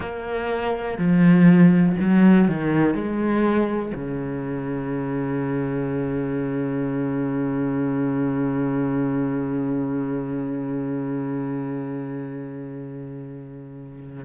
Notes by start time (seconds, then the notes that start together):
0.00 A#3
0.97 F3
2.00 F#3
2.48 D#3
2.94 G#3
3.94 C#3